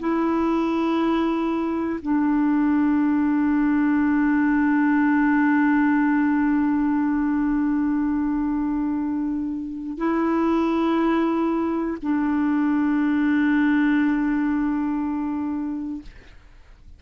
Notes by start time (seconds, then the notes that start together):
0.00 E4
2.02 D4
9.98 E4
12.02 D4